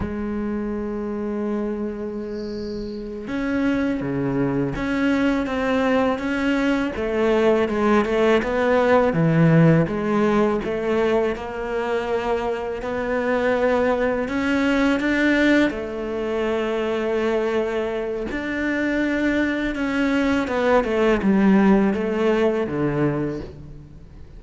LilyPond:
\new Staff \with { instrumentName = "cello" } { \time 4/4 \tempo 4 = 82 gis1~ | gis8 cis'4 cis4 cis'4 c'8~ | c'8 cis'4 a4 gis8 a8 b8~ | b8 e4 gis4 a4 ais8~ |
ais4. b2 cis'8~ | cis'8 d'4 a2~ a8~ | a4 d'2 cis'4 | b8 a8 g4 a4 d4 | }